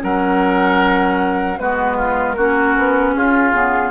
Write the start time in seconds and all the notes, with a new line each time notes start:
0.00 F#3 C#4 A#4 F#5
1.58 G#3 B3 F#4 B4
1.96 F4
2.33 A#3 C#4 F#4 A#4
2.77 B3
3.12 C#4 F4 G#4
3.52 C#3 B3